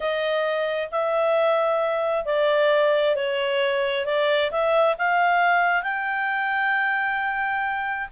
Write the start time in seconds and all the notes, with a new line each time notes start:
0.00 D#5
0.91 E5
2.25 D5
3.15 C#5
4.05 D5
4.51 E5
4.98 F5
5.82 G5